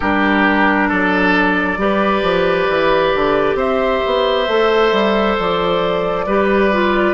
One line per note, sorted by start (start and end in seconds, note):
0.00 0.91 G3
0.00 1.78 D4
0.00 0.88 G4
0.00 0.89 A#4
0.88 1.77 F#3
0.88 1.77 A4
0.88 3.58 D5
1.77 2.22 G3
1.77 4.46 G4
1.77 3.56 B4
2.22 2.67 F3
2.69 3.13 E3
3.14 3.54 D3
3.54 3.99 C4
3.54 6.25 C5
3.54 5.37 E5
4.06 4.47 B3
4.47 4.92 A3
4.47 6.27 A4
4.92 5.36 G3
5.38 6.26 F3
5.38 7.13 D5
6.26 7.13 G3
6.26 6.72 G4
6.26 7.13 B4
6.72 7.13 F4